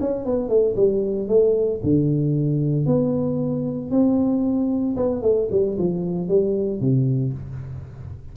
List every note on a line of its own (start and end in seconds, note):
0.00 0.25 C#4
0.25 0.48 B3
0.48 0.75 A3
0.76 1.28 G3
1.28 1.80 A3
1.83 2.85 D3
2.85 3.90 B3
3.90 4.96 C4
4.96 5.22 B3
5.22 5.48 A3
5.51 5.77 G3
5.78 6.28 F3
6.28 6.80 G3
6.80 7.33 C3